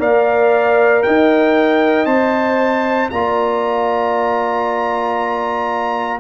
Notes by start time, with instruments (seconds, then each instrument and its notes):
0.00 tuba A#3, trombone A#4, horn D5, trumpet F5
1.03 tuba D#4, horn D#5, trumpet G5
2.06 tuba C4, trombone C5, trumpet A5
3.10 tuba A#3, trombone F4, horn D5, trumpet A#5